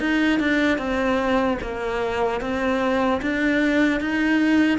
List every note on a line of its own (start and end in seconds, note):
0.00 0.40 D#4
0.40 0.78 D4
0.78 1.58 C4
1.62 2.41 A#3
2.41 3.21 C4
3.22 4.01 D4
4.01 4.79 D#4